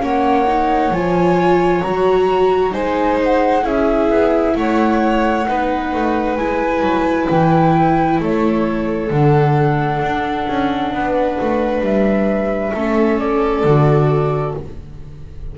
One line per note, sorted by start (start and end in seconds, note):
0.00 0.90 A#3
0.00 0.45 C#4
0.00 2.73 C#5
0.00 0.93 F#5
0.46 0.92 D#4
0.90 1.81 F3
0.90 1.83 F4
0.90 1.81 G#5
1.81 2.73 F#3
1.81 2.71 F#4
1.81 2.72 A#5
2.71 3.63 G#3
2.71 3.62 D#4
2.71 3.63 C5
2.71 3.19 G#5
3.23 3.65 F#5
3.62 4.09 C#4
3.62 5.44 E4
3.62 4.54 G#4
3.62 4.55 E5
4.09 4.55 B3
4.55 5.46 A3
4.55 5.48 C#5
4.55 6.35 F#5
5.47 5.93 B3
5.47 6.38 D#4
5.47 8.21 B4
5.94 6.37 A3
6.35 6.81 G#3
6.35 9.10 E4
6.35 7.26 G#5
6.81 7.26 F#3
7.30 8.20 E3
7.30 8.20 G5
8.20 9.10 A3
8.20 10.93 A4
8.20 9.10 C#5
9.10 10.01 D3
9.10 12.74 D4
9.10 11.83 F#5
10.01 10.46 D4
10.48 10.92 C#4
10.92 11.37 B3
10.92 12.73 B4
11.40 11.80 A3
11.80 12.71 G3
11.80 13.18 E5
12.73 13.63 A3
12.73 13.65 C#4
12.73 14.55 A4
13.18 14.54 D5
13.63 14.54 D3
13.63 14.57 F#4